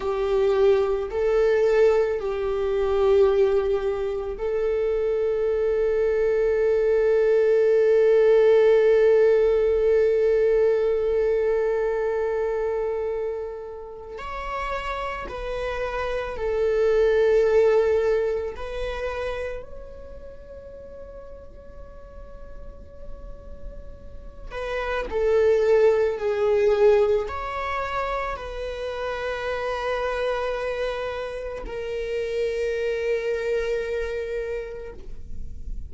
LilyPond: \new Staff \with { instrumentName = "viola" } { \time 4/4 \tempo 4 = 55 g'4 a'4 g'2 | a'1~ | a'1~ | a'4 cis''4 b'4 a'4~ |
a'4 b'4 cis''2~ | cis''2~ cis''8 b'8 a'4 | gis'4 cis''4 b'2~ | b'4 ais'2. | }